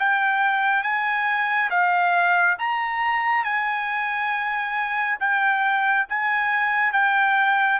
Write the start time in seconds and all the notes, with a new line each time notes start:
0.00 G5
0.83 G#5
1.71 F5
2.59 A#5
3.45 G#5
5.20 G5
6.09 G#5
6.93 G5